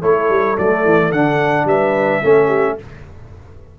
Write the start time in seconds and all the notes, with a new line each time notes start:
0.00 A3 E4 A4 C#5
0.29 G3
0.58 F#3 A3 D5
0.85 E3
1.12 D3 D4 F#5
1.65 G3 B4 E5
2.23 A3 C#4 A4
2.47 G4